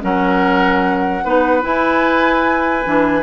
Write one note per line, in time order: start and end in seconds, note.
0.00 1.24 F#3
0.00 1.22 C#4
0.00 1.24 A#4
0.00 1.64 F#5
1.24 1.63 B3
1.24 1.61 D#4
1.24 3.22 B4
1.61 2.83 E4
1.61 2.85 E4
1.61 3.22 G#5
2.85 3.22 E3
2.85 3.22 D4